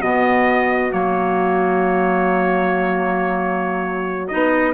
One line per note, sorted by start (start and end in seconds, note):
0.00 0.93 B2
0.00 0.91 B3
0.00 4.74 F#4
0.00 0.92 D#5
0.91 4.31 F#3
0.91 4.29 A#3
0.91 4.28 C#5
4.28 4.74 B3
4.28 4.74 D#4
4.28 4.74 D#5